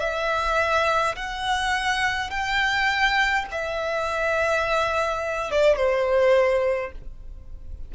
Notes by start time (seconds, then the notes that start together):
0.00 E5
1.16 F#5
2.30 G5
3.51 E5
5.51 D5
5.76 C5